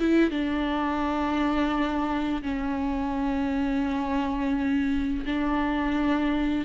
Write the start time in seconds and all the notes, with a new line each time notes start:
0.00 E4
0.30 D4
2.43 C#4
5.26 D4